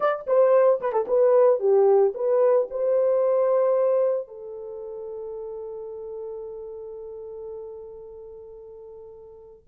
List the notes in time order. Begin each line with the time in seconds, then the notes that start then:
0.00 D5
0.26 C5
0.80 B4
0.92 A4
1.07 B4
1.59 G4
2.14 B4
2.70 C5
4.27 A4